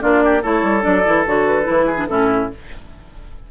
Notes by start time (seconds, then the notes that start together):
0.00 A#3 D4 F4 D5
0.24 G4
0.42 A3 E4 A4 C#5
0.62 G3
0.80 F#3 D4 D5
1.04 E3 E4
1.26 D3 F#4 C#5
1.46 B4
1.62 E3 E4
1.86 G#4
1.96 D4
2.06 A2 C#4 E4 A4